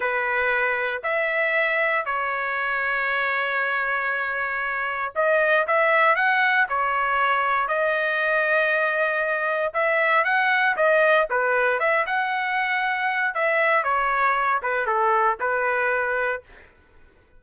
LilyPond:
\new Staff \with { instrumentName = "trumpet" } { \time 4/4 \tempo 4 = 117 b'2 e''2 | cis''1~ | cis''2 dis''4 e''4 | fis''4 cis''2 dis''4~ |
dis''2. e''4 | fis''4 dis''4 b'4 e''8 fis''8~ | fis''2 e''4 cis''4~ | cis''8 b'8 a'4 b'2 | }